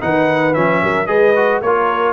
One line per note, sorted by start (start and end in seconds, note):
0.00 0.56 D#3
0.00 0.54 D#4
0.00 0.82 B4
0.00 0.54 F#5
0.54 0.83 F3
0.54 1.07 C#4
0.54 1.06 E5
0.82 1.08 F#3
0.82 1.08 A#4
1.06 1.61 G#3
1.06 1.33 G#4
1.06 1.62 B4
1.06 1.60 D#5
1.36 1.62 F#4
1.61 2.13 A#3
1.61 2.13 F4
1.61 2.13 A#4
1.61 2.13 C#5